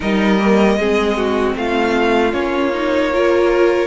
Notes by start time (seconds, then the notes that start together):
0.00 G3 D#4 A#4 D#5
0.38 A#3
0.77 G#3 C4 G#4
1.17 F#4
1.55 A3 F4 F5
2.32 A#3 C#4 C#5
2.73 D#4
3.12 F4 A#4